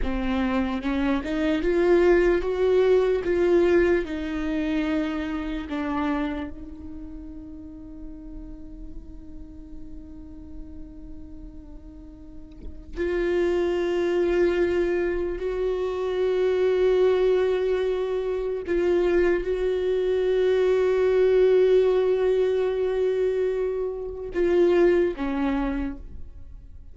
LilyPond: \new Staff \with { instrumentName = "viola" } { \time 4/4 \tempo 4 = 74 c'4 cis'8 dis'8 f'4 fis'4 | f'4 dis'2 d'4 | dis'1~ | dis'1 |
f'2. fis'4~ | fis'2. f'4 | fis'1~ | fis'2 f'4 cis'4 | }